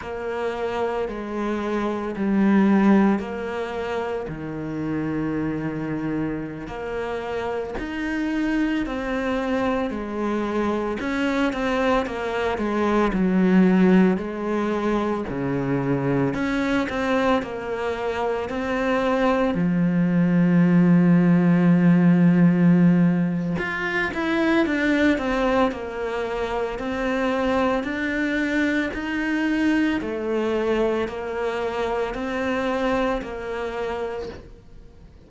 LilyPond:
\new Staff \with { instrumentName = "cello" } { \time 4/4 \tempo 4 = 56 ais4 gis4 g4 ais4 | dis2~ dis16 ais4 dis'8.~ | dis'16 c'4 gis4 cis'8 c'8 ais8 gis16~ | gis16 fis4 gis4 cis4 cis'8 c'16~ |
c'16 ais4 c'4 f4.~ f16~ | f2 f'8 e'8 d'8 c'8 | ais4 c'4 d'4 dis'4 | a4 ais4 c'4 ais4 | }